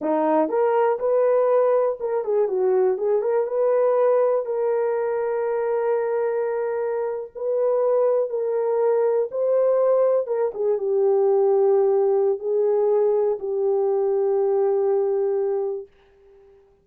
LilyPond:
\new Staff \with { instrumentName = "horn" } { \time 4/4 \tempo 4 = 121 dis'4 ais'4 b'2 | ais'8 gis'8 fis'4 gis'8 ais'8 b'4~ | b'4 ais'2.~ | ais'2~ ais'8. b'4~ b'16~ |
b'8. ais'2 c''4~ c''16~ | c''8. ais'8 gis'8 g'2~ g'16~ | g'4 gis'2 g'4~ | g'1 | }